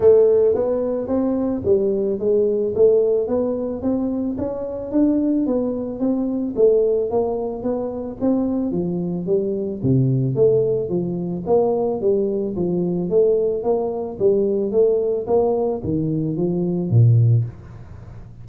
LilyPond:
\new Staff \with { instrumentName = "tuba" } { \time 4/4 \tempo 4 = 110 a4 b4 c'4 g4 | gis4 a4 b4 c'4 | cis'4 d'4 b4 c'4 | a4 ais4 b4 c'4 |
f4 g4 c4 a4 | f4 ais4 g4 f4 | a4 ais4 g4 a4 | ais4 dis4 f4 ais,4 | }